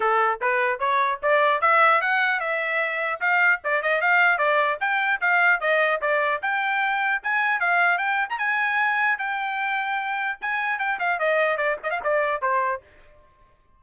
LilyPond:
\new Staff \with { instrumentName = "trumpet" } { \time 4/4 \tempo 4 = 150 a'4 b'4 cis''4 d''4 | e''4 fis''4 e''2 | f''4 d''8 dis''8 f''4 d''4 | g''4 f''4 dis''4 d''4 |
g''2 gis''4 f''4 | g''8. ais''16 gis''2 g''4~ | g''2 gis''4 g''8 f''8 | dis''4 d''8 dis''16 f''16 d''4 c''4 | }